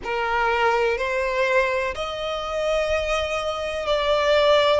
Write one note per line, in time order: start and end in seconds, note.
0.03 0.97 A#4
0.97 1.94 C5
1.94 3.86 D#5
3.86 4.80 D5